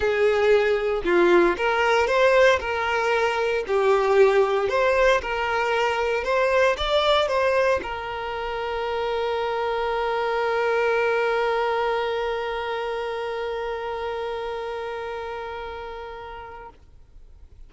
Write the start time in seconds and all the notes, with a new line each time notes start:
0.00 G#4
1.04 F4
1.57 A#4
2.07 C5
2.60 A#4
3.67 G4
4.69 C5
5.21 A#4
6.24 C5
6.77 D5
7.28 C5
7.82 A#4